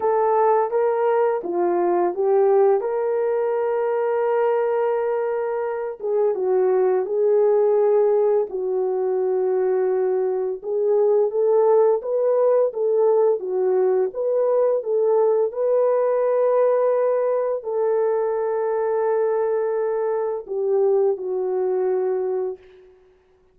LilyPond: \new Staff \with { instrumentName = "horn" } { \time 4/4 \tempo 4 = 85 a'4 ais'4 f'4 g'4 | ais'1~ | ais'8 gis'8 fis'4 gis'2 | fis'2. gis'4 |
a'4 b'4 a'4 fis'4 | b'4 a'4 b'2~ | b'4 a'2.~ | a'4 g'4 fis'2 | }